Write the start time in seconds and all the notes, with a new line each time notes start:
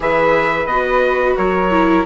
0.00 E3 G#4 B4 E5
0.65 B3 F#4 D#5
1.36 F#3 A#4 C#5
1.70 E4